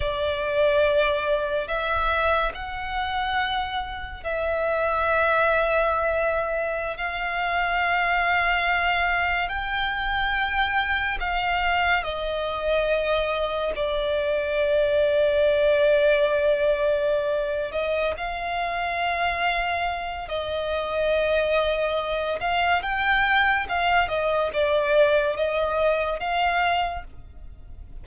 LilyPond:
\new Staff \with { instrumentName = "violin" } { \time 4/4 \tempo 4 = 71 d''2 e''4 fis''4~ | fis''4 e''2.~ | e''16 f''2. g''8.~ | g''4~ g''16 f''4 dis''4.~ dis''16~ |
dis''16 d''2.~ d''8.~ | d''4 dis''8 f''2~ f''8 | dis''2~ dis''8 f''8 g''4 | f''8 dis''8 d''4 dis''4 f''4 | }